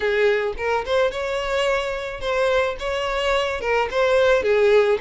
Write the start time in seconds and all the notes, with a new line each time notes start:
0.00 G#4
0.57 A#4
0.85 C5
1.11 C#5
2.20 C5
2.79 C#5
3.60 A#4
3.90 C5
4.42 G#4